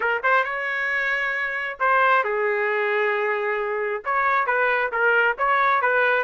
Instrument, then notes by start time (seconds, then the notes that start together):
trumpet
0.00 A#4
0.23 C5
0.44 C#5
1.79 C5
2.24 G#4
4.05 C#5
4.46 B4
4.92 A#4
5.38 C#5
5.81 B4